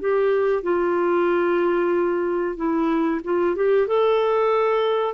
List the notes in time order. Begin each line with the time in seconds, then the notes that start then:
0.00 G4
0.62 F4
2.56 E4
3.24 F4
3.55 G4
3.87 A4